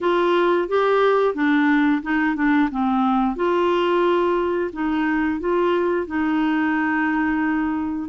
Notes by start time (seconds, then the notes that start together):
0.00 F4
0.68 G4
1.34 D4
2.02 D#4
2.35 D4
2.71 C4
3.36 F4
4.73 D#4
5.40 F4
6.06 D#4